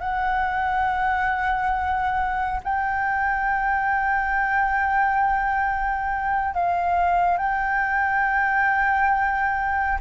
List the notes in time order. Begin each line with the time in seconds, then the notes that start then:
0.00 F#5
2.64 G5
6.55 F5
7.38 G5